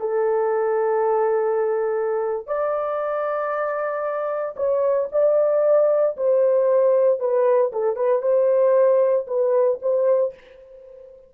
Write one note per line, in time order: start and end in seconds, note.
0.00 2.47 A4
2.47 4.56 D5
4.56 5.08 C#5
5.12 6.16 D5
6.17 7.20 C5
7.20 7.72 B4
7.73 7.96 A4
7.96 8.22 B4
8.22 9.26 C5
9.28 9.80 B4
9.82 10.34 C5